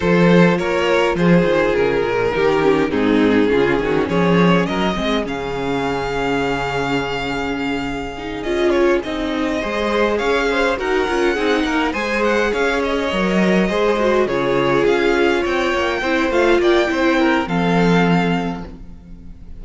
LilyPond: <<
  \new Staff \with { instrumentName = "violin" } { \time 4/4 \tempo 4 = 103 c''4 cis''4 c''4 ais'4~ | ais'4 gis'2 cis''4 | dis''4 f''2.~ | f''2~ f''8 dis''8 cis''8 dis''8~ |
dis''4. f''4 fis''4.~ | fis''8 gis''8 fis''8 f''8 dis''2~ | dis''8 cis''4 f''4 g''4. | f''8 g''4. f''2 | }
  \new Staff \with { instrumentName = "violin" } { \time 4/4 a'4 ais'4 gis'2 | g'4 dis'4 f'8 fis'8 gis'4 | ais'8 gis'2.~ gis'8~ | gis'1~ |
gis'8 c''4 cis''8 c''8 ais'4 gis'8 | ais'8 c''4 cis''2 c''8~ | c''8 gis'2 cis''4 c''8~ | c''8 d''8 c''8 ais'8 a'2 | }
  \new Staff \with { instrumentName = "viola" } { \time 4/4 f'1 | dis'8 cis'8 c'4 cis'2~ | cis'8 c'8 cis'2.~ | cis'2 dis'8 f'4 dis'8~ |
dis'8 gis'2 fis'8 f'8 dis'8~ | dis'8 gis'2 ais'4 gis'8 | fis'8 f'2. e'8 | f'4 e'4 c'2 | }
  \new Staff \with { instrumentName = "cello" } { \time 4/4 f4 ais4 f8 dis8 cis8 ais,8 | dis4 gis,4 cis8 dis8 f4 | fis8 gis8 cis2.~ | cis2~ cis8 cis'4 c'8~ |
c'8 gis4 cis'4 dis'8 cis'8 c'8 | ais8 gis4 cis'4 fis4 gis8~ | gis8 cis4 cis'4 c'8 ais8 c'8 | a8 ais8 c'4 f2 | }
>>